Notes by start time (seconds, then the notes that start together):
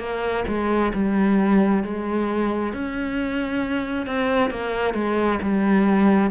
0.00 A#3
0.48 G#3
0.94 G3
1.84 G#3
2.74 C#4
4.07 C4
4.51 A#3
4.94 G#3
5.42 G3